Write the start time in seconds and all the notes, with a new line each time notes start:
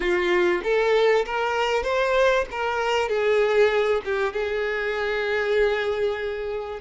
0.00 F4
0.63 A4
1.25 A#4
1.83 C5
2.51 A#4
3.08 G#4
4.04 G4
4.32 G#4